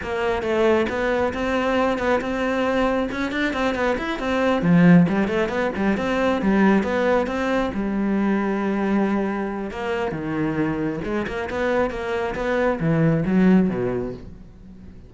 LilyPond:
\new Staff \with { instrumentName = "cello" } { \time 4/4 \tempo 4 = 136 ais4 a4 b4 c'4~ | c'8 b8 c'2 cis'8 d'8 | c'8 b8 e'8 c'4 f4 g8 | a8 b8 g8 c'4 g4 b8~ |
b8 c'4 g2~ g8~ | g2 ais4 dis4~ | dis4 gis8 ais8 b4 ais4 | b4 e4 fis4 b,4 | }